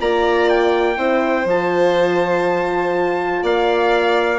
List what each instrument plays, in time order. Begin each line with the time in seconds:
0.00 bassoon A#3, horn F4, violin D5, trumpet A#5
0.49 trumpet G5
0.96 bassoon C4, horn E4, violin C5
1.45 bassoon F3, horn F4, trumpet A5
3.43 bassoon A#3, violin D5, trumpet F5